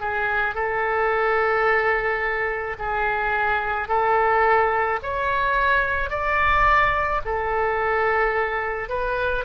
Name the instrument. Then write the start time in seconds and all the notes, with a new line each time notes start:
oboe
0.00 G#4
0.54 A4
2.78 G#4
3.88 A4
5.03 C#5
6.10 D5
7.25 A4
8.89 B4